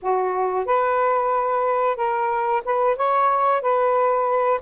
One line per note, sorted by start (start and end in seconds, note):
0.02 0.65 F#4
0.65 1.96 B4
1.96 2.62 A#4
2.65 2.96 B4
2.96 3.61 C#5
3.61 4.60 B4